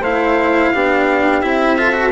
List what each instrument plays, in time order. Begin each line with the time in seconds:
0.00 bassoon A3, cello E4, flute C5, trumpet F5
0.72 bassoon B3, cello D4, flute G4
1.41 bassoon C4, cello E4, trumpet E5
1.78 cello F4, flute A4
1.93 cello F#4